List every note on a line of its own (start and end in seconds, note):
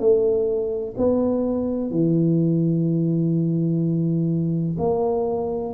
0.00 0.95 A3
0.97 1.91 B3
1.91 4.77 E3
4.79 5.74 A#3